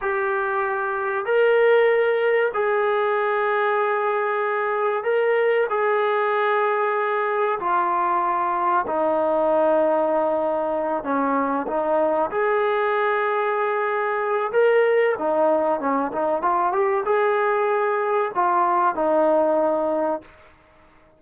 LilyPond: \new Staff \with { instrumentName = "trombone" } { \time 4/4 \tempo 4 = 95 g'2 ais'2 | gis'1 | ais'4 gis'2. | f'2 dis'2~ |
dis'4. cis'4 dis'4 gis'8~ | gis'2. ais'4 | dis'4 cis'8 dis'8 f'8 g'8 gis'4~ | gis'4 f'4 dis'2 | }